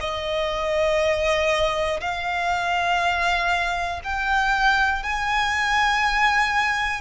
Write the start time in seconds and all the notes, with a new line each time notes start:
0.00 D#5
2.01 F5
4.04 G5
5.03 G#5